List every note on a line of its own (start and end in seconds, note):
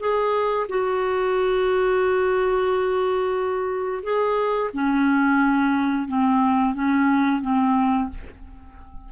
0.00 0.67 G#4
0.69 4.04 F#4
4.04 4.71 G#4
4.74 6.09 C#4
6.09 6.75 C4
6.75 7.42 C#4
7.42 8.10 C4